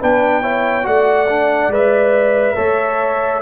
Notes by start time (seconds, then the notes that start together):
0.00 B3 D4 B4 G5
0.42 E4 C#5
0.83 A3 F#4 D5 F#5
1.29 D4
1.68 G#3 B4 E5
2.56 A3 A4 C#5